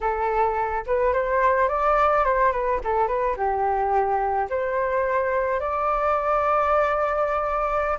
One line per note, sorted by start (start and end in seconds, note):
0.00 0.84 A4
0.86 1.13 B4
1.13 1.68 C5
1.68 2.24 D5
2.24 2.52 C5
2.52 2.80 B4
2.84 3.07 A4
3.07 3.35 B4
3.36 4.48 G4
4.49 5.59 C5
5.59 7.98 D5